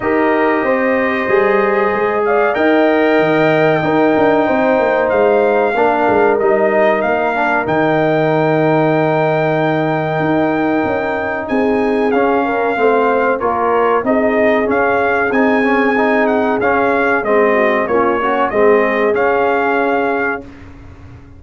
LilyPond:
<<
  \new Staff \with { instrumentName = "trumpet" } { \time 4/4 \tempo 4 = 94 dis''2.~ dis''8 f''8 | g''1 | f''2 dis''4 f''4 | g''1~ |
g''2 gis''4 f''4~ | f''4 cis''4 dis''4 f''4 | gis''4. fis''8 f''4 dis''4 | cis''4 dis''4 f''2 | }
  \new Staff \with { instrumentName = "horn" } { \time 4/4 ais'4 c''2~ c''8 d''8 | dis''2 ais'4 c''4~ | c''4 ais'2.~ | ais'1~ |
ais'2 gis'4. ais'8 | c''4 ais'4 gis'2~ | gis'2.~ gis'8 fis'8 | f'8 cis'8 gis'2. | }
  \new Staff \with { instrumentName = "trombone" } { \time 4/4 g'2 gis'2 | ais'2 dis'2~ | dis'4 d'4 dis'4. d'8 | dis'1~ |
dis'2. cis'4 | c'4 f'4 dis'4 cis'4 | dis'8 cis'8 dis'4 cis'4 c'4 | cis'8 fis'8 c'4 cis'2 | }
  \new Staff \with { instrumentName = "tuba" } { \time 4/4 dis'4 c'4 g4 gis4 | dis'4 dis4 dis'8 d'8 c'8 ais8 | gis4 ais8 gis8 g4 ais4 | dis1 |
dis'4 cis'4 c'4 cis'4 | a4 ais4 c'4 cis'4 | c'2 cis'4 gis4 | ais4 gis4 cis'2 | }
>>